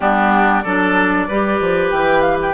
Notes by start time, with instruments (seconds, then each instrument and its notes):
0.00 bassoon G3, clarinet B3, oboe D4, flute G4
0.61 bassoon F#3, clarinet D4, oboe A4, flute D5
1.28 bassoon G3, clarinet G4, oboe B4
1.60 bassoon F3
1.90 bassoon E3, flute G5
2.21 flute F5
2.42 flute G5